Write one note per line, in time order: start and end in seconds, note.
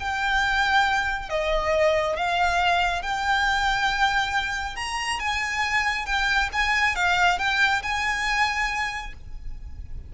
0.00 1.30 G5
1.30 2.17 D#5
2.17 3.03 F5
3.03 4.76 G5
4.76 5.20 A#5
5.20 6.06 G#5
6.06 6.50 G5
6.53 6.96 G#5
6.96 7.39 F5
7.39 7.83 G5
7.83 9.13 G#5